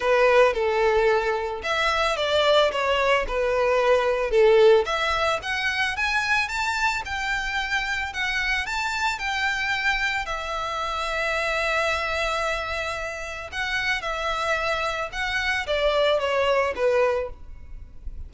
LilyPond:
\new Staff \with { instrumentName = "violin" } { \time 4/4 \tempo 4 = 111 b'4 a'2 e''4 | d''4 cis''4 b'2 | a'4 e''4 fis''4 gis''4 | a''4 g''2 fis''4 |
a''4 g''2 e''4~ | e''1~ | e''4 fis''4 e''2 | fis''4 d''4 cis''4 b'4 | }